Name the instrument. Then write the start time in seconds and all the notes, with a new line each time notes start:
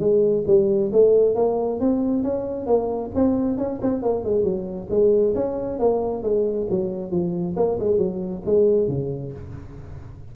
tuba
0.00 G#3
0.47 G3
0.93 A3
1.36 A#3
1.80 C4
2.24 C#4
2.67 A#3
3.15 C4
3.58 C#4
3.82 C4
4.03 A#3
4.25 G#3
4.44 F#3
4.90 G#3
5.35 C#4
5.79 A#3
6.23 G#3
6.70 F#3
7.12 F3
7.57 A#3
7.80 G#3
7.98 F#3
8.46 G#3
8.88 C#3